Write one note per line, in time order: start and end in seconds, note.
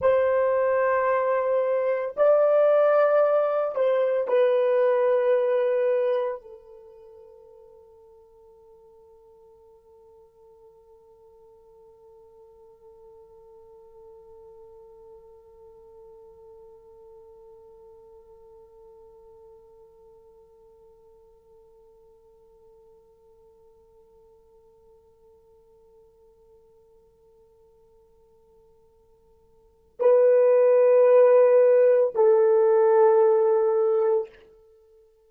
0.00 2.15 C5
2.17 3.75 D5
3.75 4.27 C5
4.27 6.41 B4
6.41 29.99 A4
29.99 32.13 B4
32.14 34.29 A4